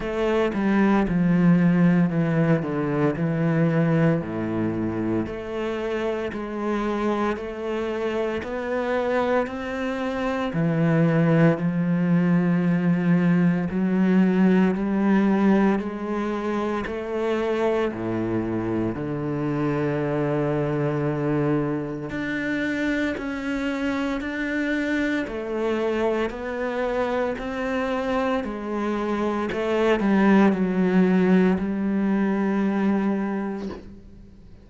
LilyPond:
\new Staff \with { instrumentName = "cello" } { \time 4/4 \tempo 4 = 57 a8 g8 f4 e8 d8 e4 | a,4 a4 gis4 a4 | b4 c'4 e4 f4~ | f4 fis4 g4 gis4 |
a4 a,4 d2~ | d4 d'4 cis'4 d'4 | a4 b4 c'4 gis4 | a8 g8 fis4 g2 | }